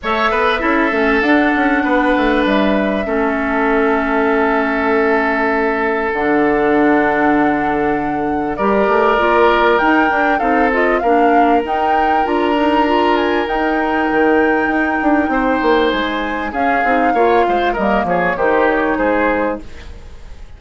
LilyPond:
<<
  \new Staff \with { instrumentName = "flute" } { \time 4/4 \tempo 4 = 98 e''2 fis''2 | e''1~ | e''2 fis''2~ | fis''2 d''2 |
g''4 f''8 dis''8 f''4 g''4 | ais''4. gis''8 g''2~ | g''2 gis''4 f''4~ | f''4 dis''8 cis''8 c''8 cis''8 c''4 | }
  \new Staff \with { instrumentName = "oboe" } { \time 4/4 cis''8 b'8 a'2 b'4~ | b'4 a'2.~ | a'1~ | a'2 ais'2~ |
ais'4 a'4 ais'2~ | ais'1~ | ais'4 c''2 gis'4 | cis''8 c''8 ais'8 gis'8 g'4 gis'4 | }
  \new Staff \with { instrumentName = "clarinet" } { \time 4/4 a'4 e'8 cis'8 d'2~ | d'4 cis'2.~ | cis'2 d'2~ | d'2 g'4 f'4 |
dis'8 d'8 dis'8 f'8 d'4 dis'4 | f'8 dis'8 f'4 dis'2~ | dis'2. cis'8 dis'8 | f'4 ais4 dis'2 | }
  \new Staff \with { instrumentName = "bassoon" } { \time 4/4 a8 b8 cis'8 a8 d'8 cis'8 b8 a8 | g4 a2.~ | a2 d2~ | d2 g8 a8 ais4 |
dis'8 d'8 c'4 ais4 dis'4 | d'2 dis'4 dis4 | dis'8 d'8 c'8 ais8 gis4 cis'8 c'8 | ais8 gis8 g8 f8 dis4 gis4 | }
>>